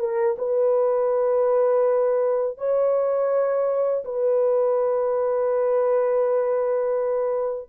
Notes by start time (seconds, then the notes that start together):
0.00 A#4
0.39 B4
2.58 C#5
4.05 B4